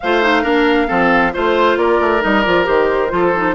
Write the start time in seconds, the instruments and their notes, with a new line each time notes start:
0.00 bassoon A3, clarinet F4, oboe C5, flute F5
0.22 clarinet D#4
0.42 bassoon A#3, clarinet D4, oboe A#4
0.87 bassoon F3, clarinet C4, oboe A4
1.33 bassoon A3, clarinet F4, flute C5, oboe C5
1.76 bassoon A#3, oboe A#4, flute D5
2.00 bassoon A3
2.20 bassoon G3, clarinet D#4, flute D#5
2.42 bassoon F3, clarinet F4, flute D5
2.64 bassoon D#3, clarinet G4, flute C5
3.09 bassoon F3, clarinet F4, oboe A4
3.36 clarinet D#4